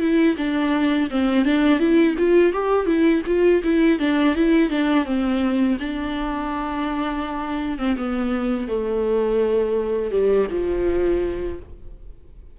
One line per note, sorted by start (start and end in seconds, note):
0.00 0.36 E4
0.37 1.10 D4
1.11 1.45 C4
1.45 1.79 D4
1.79 2.16 E4
2.19 2.53 F4
2.53 2.86 G4
2.86 3.22 E4
3.27 3.63 F4
3.64 3.99 E4
3.99 4.35 D4
4.36 4.71 E4
4.71 5.06 D4
5.06 5.78 C4
5.80 7.79 D4
7.79 7.97 C4
7.97 8.68 B3
8.68 10.11 A3
10.11 10.48 G3
10.51 11.59 F3